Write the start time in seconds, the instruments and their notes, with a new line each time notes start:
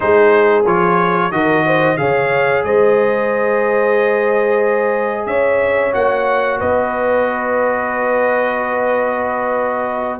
0.00 tuba G#3, trombone D#4, horn G#4, trumpet C5
0.66 tuba F3, trombone F4, trumpet C#5
1.31 tuba D#3, trombone F#4, horn A#4, trumpet D#5
1.66 horn C5
1.97 tuba C#3, trombone G#4, horn C#5, trumpet F5
2.63 tuba G#3, horn C5, trumpet D#5
5.26 tuba C#4, horn C#5, trumpet E5
5.92 tuba A#3, trombone F#4, trumpet F#5
6.59 tuba B3, horn B4, trumpet D#5